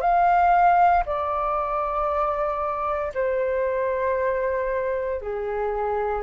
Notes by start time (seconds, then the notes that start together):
0.00 F5
1.05 D5
3.14 C5
5.21 G#4